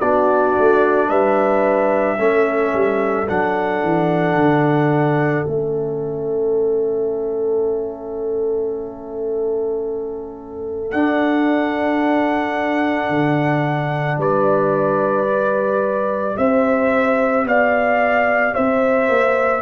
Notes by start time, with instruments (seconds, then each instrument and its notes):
0.00 tuba B3, trombone D4, horn F#4, trumpet D5
0.59 tuba A3
1.08 tuba G3, horn B4, trumpet E5
2.18 tuba A3, trombone C#4, horn A4
2.74 tuba G3
3.29 tuba F#3, trombone D4, trumpet F#5
3.84 tuba E3
4.36 tuba D3
5.46 tuba A3, trombone C#4, trumpet E5
10.92 trombone D4, tuba D4, trumpet F#5
13.10 tuba D3
14.18 tuba G3, horn B4, trumpet D5
15.27 trombone G4
16.38 tuba C4, horn C5, trumpet E5
17.45 tuba B3, horn D5, trumpet F5
18.54 tuba C4, horn C5, trumpet E5
19.09 tuba A#3